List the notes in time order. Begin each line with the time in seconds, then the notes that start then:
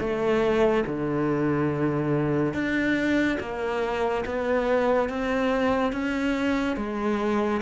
0.00 A3
0.87 D3
2.54 D4
3.40 A#3
4.26 B3
5.10 C4
5.93 C#4
6.77 G#3